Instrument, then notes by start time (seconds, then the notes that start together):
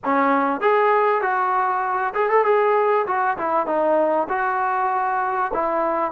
trombone
0.04 C#4
0.60 G#4
1.21 F#4
2.14 G#4
2.29 A4
2.44 G#4
3.06 F#4
3.37 E4
3.66 D#4
4.29 F#4
5.53 E4